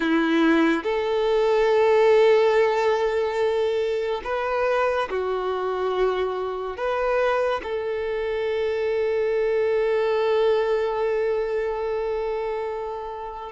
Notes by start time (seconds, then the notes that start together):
0.00 E4
0.83 A4
4.24 B4
5.09 F#4
6.76 B4
7.63 A4